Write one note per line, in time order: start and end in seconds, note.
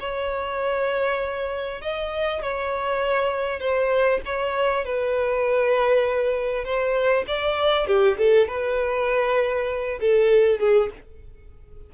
0.00 1.82 C#5
1.82 2.42 D#5
2.42 3.60 C#5
3.60 4.21 C5
4.26 4.85 C#5
4.85 6.65 B4
6.65 7.25 C5
7.28 7.87 D5
7.87 8.17 G4
8.18 8.48 A4
8.48 9.99 B4
10.01 10.60 A4
10.60 10.90 G#4